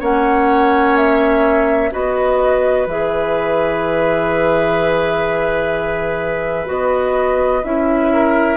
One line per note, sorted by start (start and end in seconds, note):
0.00 1.92 A#3
0.00 1.91 C#4
0.00 1.90 C#5
0.00 0.97 F#5
0.97 1.92 E5
1.91 2.87 B3
1.91 2.87 F#4
1.91 8.12 B4
1.91 2.87 D#5
2.87 6.68 E3
2.87 6.66 G#4
2.87 6.69 E5
6.66 7.63 B3
6.66 7.61 F#4
6.66 7.64 D#5
7.64 8.57 C#4
7.64 8.57 E4
7.64 8.57 E5
8.13 8.57 A#4